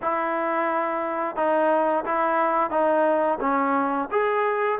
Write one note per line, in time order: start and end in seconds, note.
0.02 1.36 E4
1.36 2.04 D#4
2.05 2.70 E4
2.70 3.38 D#4
3.40 4.08 C#4
4.11 4.79 G#4